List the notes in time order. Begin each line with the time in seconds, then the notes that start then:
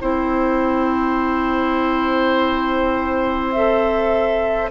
0.00 C4 E4 C5 G5
3.51 A4 E5